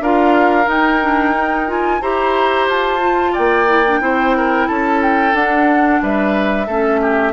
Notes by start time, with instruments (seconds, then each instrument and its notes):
0.00 bassoon D4, clarinet F4, oboe A#4, flute F5
0.65 clarinet D#4, bassoon D#4, flute G5
1.01 clarinet D4
1.34 clarinet D#4
1.67 clarinet F4, flute G#5
2.02 bassoon E4, clarinet G4, oboe C5, flute A#5
2.68 bassoon F4, flute A5
3.00 clarinet F4
3.33 bassoon A#3, oboe D5, flute G5
3.67 clarinet E4
3.87 clarinet D4
4.01 bassoon C4, clarinet E4, oboe C5
4.37 oboe A#4
4.67 bassoon C#4, oboe A4, flute A5
5.02 flute G5
5.33 clarinet D4, bassoon D4, flute F#5
6.02 bassoon G3, oboe B4, flute E5
6.67 bassoon A3, clarinet C#4, oboe A4
7.02 oboe G4